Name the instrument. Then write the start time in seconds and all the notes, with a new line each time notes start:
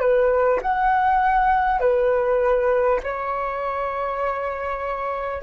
flute
0.00 B4
0.62 F#5
1.80 B4
3.03 C#5